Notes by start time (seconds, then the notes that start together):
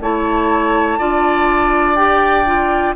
0.00 A3 E4 C#5 A5
0.99 D4 F4 D5
1.95 G4 G5
2.46 F4